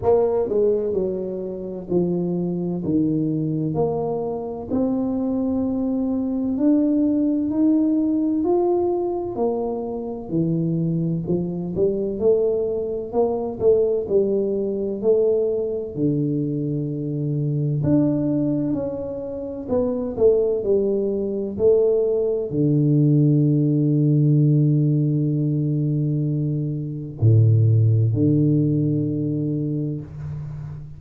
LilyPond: \new Staff \with { instrumentName = "tuba" } { \time 4/4 \tempo 4 = 64 ais8 gis8 fis4 f4 dis4 | ais4 c'2 d'4 | dis'4 f'4 ais4 e4 | f8 g8 a4 ais8 a8 g4 |
a4 d2 d'4 | cis'4 b8 a8 g4 a4 | d1~ | d4 a,4 d2 | }